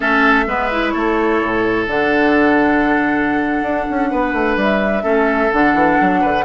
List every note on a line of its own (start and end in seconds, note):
0.00 0.46 A3
0.00 0.46 C#4
0.00 0.44 A4
0.00 0.90 E5
0.46 0.93 G#3
0.46 0.70 B3
0.46 0.93 B4
0.71 1.87 E4
0.90 1.41 A3
0.90 4.09 A4
0.90 1.83 C#5
1.42 1.87 A2
1.87 3.61 D3
1.87 5.02 D4
1.87 4.59 F#5
3.61 3.85 D4
3.89 4.12 C#4
4.10 4.33 B3
4.10 5.03 B4
4.33 4.56 A3
4.56 5.03 G3
4.56 5.51 E5
5.02 5.50 A3
5.02 5.49 C#4
5.02 6.20 A4
5.51 5.74 D3
5.51 6.45 D4
5.51 6.45 F#5
5.74 5.97 E3
6.01 6.23 F#3
6.21 6.45 D3
6.21 6.44 B4